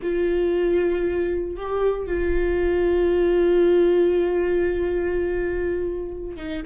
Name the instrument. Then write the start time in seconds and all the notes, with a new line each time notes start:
viola
0.02 F4
1.56 G4
2.06 F4
6.36 D#4